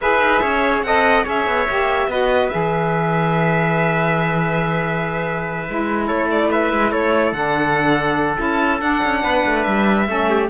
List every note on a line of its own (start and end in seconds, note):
0.01 0.19 E4
0.01 0.85 G#4
0.01 0.41 B4
0.01 0.82 E5
0.19 0.40 D#4
0.41 0.82 C#4
0.41 0.83 C#5
0.82 1.24 C4
0.82 1.24 A4
0.82 1.24 D#5
0.82 1.24 F#5
1.24 1.46 C#4
1.24 1.66 G#4
1.24 2.08 C#5
1.24 2.11 E5
1.46 1.67 B3
1.69 2.07 A#3
1.69 2.10 G4
2.07 2.49 B3
2.07 2.51 F#4
2.07 6.07 B4
2.07 2.49 D#5
2.49 5.68 E3
2.49 5.65 G#4
2.49 6.06 E5
5.67 6.10 G#3
5.67 7.34 E4
6.07 6.72 A3
6.07 6.49 A4
6.07 6.28 C#5
6.31 6.51 D5
6.51 6.91 B4
6.51 6.92 E5
6.72 6.91 G#3
6.91 7.32 A3
6.91 9.22 A4
6.91 7.33 C#5
7.32 8.37 D3
7.32 8.37 D4
7.32 8.38 F#5
8.37 8.81 C#4
8.37 8.79 E4
8.37 8.81 A5
8.79 10.05 D4
8.79 9.02 D4
8.79 9.63 F#5
9.04 9.24 C#4
9.23 9.45 B3
9.23 10.07 B4
9.45 9.66 A3
9.63 10.08 G3
9.63 10.47 E5
10.06 10.49 A3
10.06 10.48 C#4
10.06 10.30 A4
10.30 10.49 G4